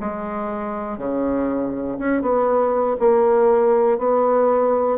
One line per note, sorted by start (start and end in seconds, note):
0.00 0.97 G#3
0.97 1.97 C#3
1.98 2.22 C#4
2.22 2.97 B3
3.00 3.98 A#3
3.98 4.98 B3